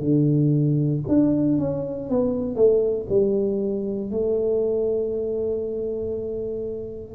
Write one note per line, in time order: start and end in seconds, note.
0.00 1.02 D3
1.09 1.59 D4
1.59 2.10 C#4
2.10 2.56 B3
2.56 3.07 A3
3.10 4.11 G3
4.11 7.16 A3